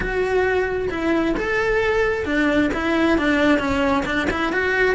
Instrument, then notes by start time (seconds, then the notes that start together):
cello
0.00 F#4
0.90 E4
1.36 A4
2.25 D4
2.73 E4
3.18 D4
3.58 C#4
4.05 D4
4.30 E4
4.52 F#4